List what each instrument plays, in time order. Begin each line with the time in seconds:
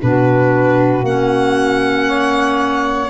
0.00 tuba B2, clarinet D4, saxophone F#4, violin B4
1.02 tuba A#3, clarinet C#4, violin F#5
2.07 saxophone C#5